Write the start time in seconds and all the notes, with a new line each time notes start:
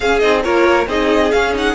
0.00 C#4 G#4 F5
0.19 C4 D#4 D#5
0.43 A#3 F4 A#4 C#5
0.86 C4 D#4 G#4 D#5
1.31 C#4 F5
1.53 D#4 F#5